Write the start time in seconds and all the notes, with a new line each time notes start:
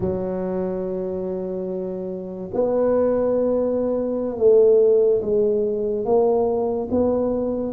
0.00 F#3
2.53 B3
4.37 A3
5.22 G#3
6.05 A#3
6.90 B3